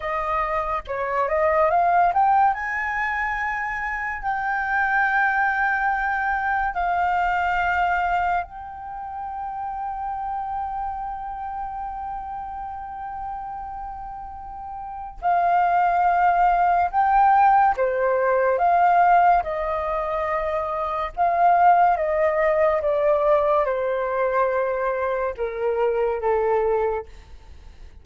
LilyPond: \new Staff \with { instrumentName = "flute" } { \time 4/4 \tempo 4 = 71 dis''4 cis''8 dis''8 f''8 g''8 gis''4~ | gis''4 g''2. | f''2 g''2~ | g''1~ |
g''2 f''2 | g''4 c''4 f''4 dis''4~ | dis''4 f''4 dis''4 d''4 | c''2 ais'4 a'4 | }